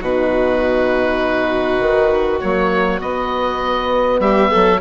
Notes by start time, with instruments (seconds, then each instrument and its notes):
0.00 bassoon B2, horn D#4, violin F#4, oboe B4
1.79 bassoon D#3
2.40 bassoon F#3, horn A#3, oboe C#5
3.00 horn B3, bassoon B3, oboe D#5
4.19 bassoon G3, violin G4, oboe E5
4.50 bassoon F#3, violin A4